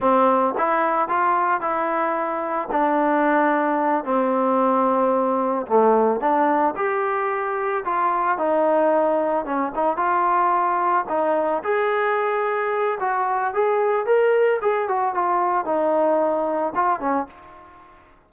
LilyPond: \new Staff \with { instrumentName = "trombone" } { \time 4/4 \tempo 4 = 111 c'4 e'4 f'4 e'4~ | e'4 d'2~ d'8 c'8~ | c'2~ c'8 a4 d'8~ | d'8 g'2 f'4 dis'8~ |
dis'4. cis'8 dis'8 f'4.~ | f'8 dis'4 gis'2~ gis'8 | fis'4 gis'4 ais'4 gis'8 fis'8 | f'4 dis'2 f'8 cis'8 | }